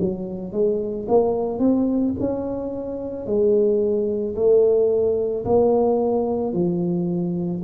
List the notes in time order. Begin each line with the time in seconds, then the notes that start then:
0.00 F#3
0.52 G#3
1.08 A#3
1.59 C4
2.19 C#4
3.26 G#3
4.35 A3
5.44 A#3
6.53 F3